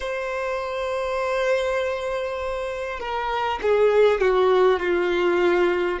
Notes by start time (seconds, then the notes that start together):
0.00 C5
2.99 A#4
3.62 G#4
4.21 F#4
4.79 F4